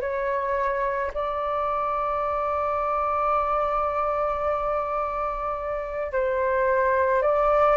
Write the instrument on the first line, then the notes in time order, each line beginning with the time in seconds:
flute
0.00 C#5
1.14 D5
6.12 C5
7.22 D5